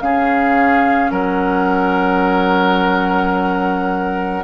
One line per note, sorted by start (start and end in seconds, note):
0.00 1.10 C#3
0.00 4.44 C#4
0.00 1.11 G#4
0.00 1.11 F5
1.10 4.44 F#3
1.10 4.44 A#4
1.10 4.44 F#5